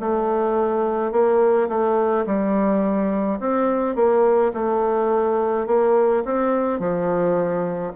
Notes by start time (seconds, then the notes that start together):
0.00 A3
1.12 A#3
1.69 A3
2.26 G3
3.40 C4
3.96 A#3
4.54 A3
5.67 A#3
6.25 C4
6.79 F3